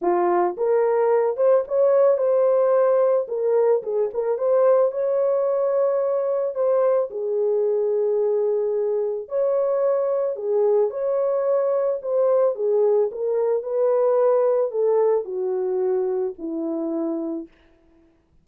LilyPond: \new Staff \with { instrumentName = "horn" } { \time 4/4 \tempo 4 = 110 f'4 ais'4. c''8 cis''4 | c''2 ais'4 gis'8 ais'8 | c''4 cis''2. | c''4 gis'2.~ |
gis'4 cis''2 gis'4 | cis''2 c''4 gis'4 | ais'4 b'2 a'4 | fis'2 e'2 | }